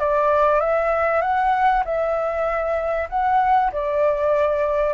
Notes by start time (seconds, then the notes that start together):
0.00 D5
0.61 E5
1.22 F#5
1.85 E5
3.10 F#5
3.73 D5